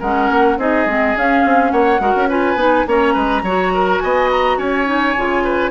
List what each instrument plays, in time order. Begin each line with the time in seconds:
0.00 bassoon G#3, clarinet C#4, oboe A#4, flute F#5
0.30 bassoon A#3
0.57 bassoon C4, clarinet D#4, oboe G#4, flute D#5
0.86 bassoon G#3, clarinet C4
1.16 clarinet C#4, bassoon C#4, flute F5
1.45 bassoon C4
1.71 bassoon A#3, oboe C#5, flute F#5
2.00 bassoon G#3, clarinet F#4, oboe A#4
2.16 bassoon C#4
2.29 clarinet F4, oboe B4, flute G#5
2.56 bassoon B3, clarinet D#4
2.87 bassoon A#3, clarinet C#4, oboe C#5, flute A#5
3.14 bassoon G#3, oboe B4
3.43 bassoon F#3, clarinet F#4, oboe C#5
3.74 oboe A#4
4.00 bassoon B3, oboe D#5, flute G#5
4.31 flute A#5
4.57 bassoon C#4, oboe C#5, flute G#5
4.86 clarinet D#4
5.17 bassoon C#3, clarinet F4
5.44 oboe B4